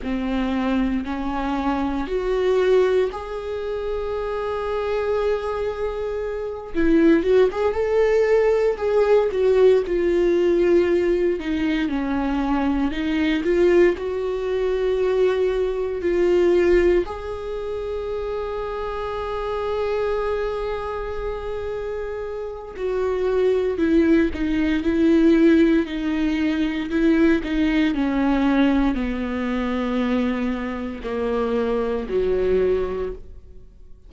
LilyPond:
\new Staff \with { instrumentName = "viola" } { \time 4/4 \tempo 4 = 58 c'4 cis'4 fis'4 gis'4~ | gis'2~ gis'8 e'8 fis'16 gis'16 a'8~ | a'8 gis'8 fis'8 f'4. dis'8 cis'8~ | cis'8 dis'8 f'8 fis'2 f'8~ |
f'8 gis'2.~ gis'8~ | gis'2 fis'4 e'8 dis'8 | e'4 dis'4 e'8 dis'8 cis'4 | b2 ais4 fis4 | }